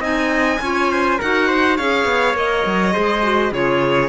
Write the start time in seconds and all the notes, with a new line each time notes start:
0.00 C4 D#4 D#5 G#5
0.61 C#4 F4 C#5
0.92 C5
1.19 D#4 F#4 A#4 F#5
1.48 C5
1.77 C#4 G#4 C#5 F5
2.05 B3
2.34 A#3 A#4 D#5
2.66 F#3
2.93 G#3 G#4 C5
3.23 F#4
3.52 C#3 F4 G#4 C#5